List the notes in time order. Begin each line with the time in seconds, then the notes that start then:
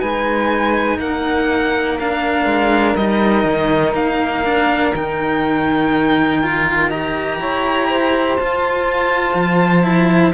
0.00 G#3 D#4 B4 G#5
0.99 A#3 A#4 F#5
1.99 D4 F5
2.45 G#3
2.96 G3 D#4 D#5
3.44 D#3
3.93 A#3 F5
4.44 D4
4.93 D#3 D#4 G5
6.43 F4
6.89 G4 D#5 A#5
7.39 E4 C#5
7.89 C5
8.36 F4 A5
9.34 F3
9.83 E4